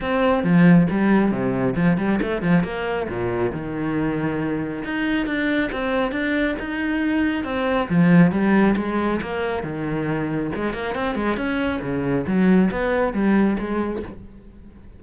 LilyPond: \new Staff \with { instrumentName = "cello" } { \time 4/4 \tempo 4 = 137 c'4 f4 g4 c4 | f8 g8 a8 f8 ais4 ais,4 | dis2. dis'4 | d'4 c'4 d'4 dis'4~ |
dis'4 c'4 f4 g4 | gis4 ais4 dis2 | gis8 ais8 c'8 gis8 cis'4 cis4 | fis4 b4 g4 gis4 | }